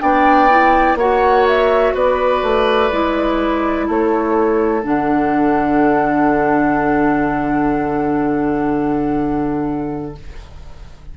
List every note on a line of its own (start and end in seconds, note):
0.00 0.95 B3
0.00 0.49 D4
0.00 0.98 D5
0.00 0.97 G5
0.49 0.97 E4
0.95 1.92 A#3
0.95 2.92 F#4
0.95 1.94 C#5
0.95 1.47 F#5
1.47 1.95 E5
1.94 2.43 B3
1.94 3.87 B4
1.94 3.89 D5
2.43 2.91 A3
2.92 3.89 G#3
2.92 4.83 E4
3.87 4.85 A3
3.87 10.16 A4
3.87 4.83 C#5
4.83 10.17 D3
4.83 10.15 D4
4.83 10.15 F#5